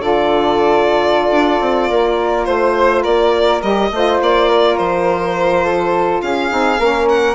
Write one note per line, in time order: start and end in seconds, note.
0.00 1.30 D3
0.00 3.62 F4
0.00 1.90 A4
0.00 2.45 D5
1.31 1.60 D4
1.61 1.90 C4
1.90 2.48 A#3
1.90 2.46 A#4
2.45 3.05 A3
2.45 3.02 C5
2.45 3.03 C5
3.03 3.63 A#3
3.03 3.89 A#4
3.03 3.62 D5
3.62 3.91 G3
3.62 3.91 G4
3.62 4.21 D#5
3.91 4.20 A3
3.91 6.50 F4
3.91 4.49 C5
4.21 4.79 A#3
4.21 4.77 D5
4.49 5.64 A#4
4.77 6.22 F3
4.77 6.21 C5
5.64 6.22 A4
6.22 6.51 C#4
6.22 6.80 G#4
6.22 7.08 F5
6.50 6.79 C4
6.50 6.78 D#4
6.79 7.35 A#3
6.79 7.35 C#4
6.79 7.35 A#4
7.09 7.35 F#5